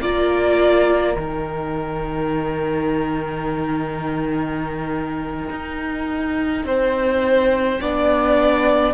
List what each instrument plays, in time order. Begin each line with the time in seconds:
0.00 cello A#3, viola F4, violin A#4 D5
1.16 cello D#3, viola D#4, violin G5
5.50 cello D#4
6.64 cello C4, violin C5
7.80 cello B3, viola D4, violin D5